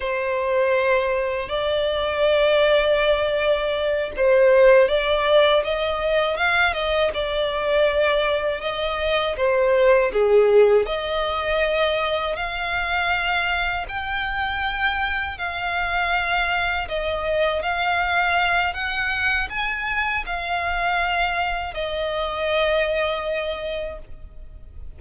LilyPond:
\new Staff \with { instrumentName = "violin" } { \time 4/4 \tempo 4 = 80 c''2 d''2~ | d''4. c''4 d''4 dis''8~ | dis''8 f''8 dis''8 d''2 dis''8~ | dis''8 c''4 gis'4 dis''4.~ |
dis''8 f''2 g''4.~ | g''8 f''2 dis''4 f''8~ | f''4 fis''4 gis''4 f''4~ | f''4 dis''2. | }